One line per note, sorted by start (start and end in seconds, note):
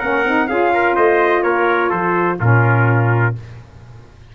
0.00 0.25 A#3
0.00 0.25 C#4
0.00 0.48 A#4
0.00 0.48 F#5
0.25 0.49 C4
0.25 0.50 D#4
0.48 0.97 C#4
0.48 2.40 F4
0.48 0.73 G#4
0.48 0.96 F5
0.74 0.96 A#4
0.96 1.44 A3
0.96 1.43 C5
0.96 1.43 D#5
1.43 1.92 A#3
1.43 1.89 A#4
1.43 1.91 C#5
1.89 2.39 F3
1.89 2.37 A4
1.89 2.39 C5
2.40 3.36 A#2
2.40 3.35 C#4
2.40 3.36 F4
2.40 3.36 A#4